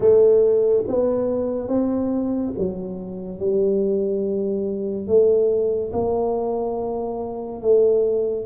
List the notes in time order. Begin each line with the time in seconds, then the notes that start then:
0.00 A3
0.87 B3
1.68 C4
2.58 F#3
3.39 G3
5.07 A3
5.92 A#3
7.61 A3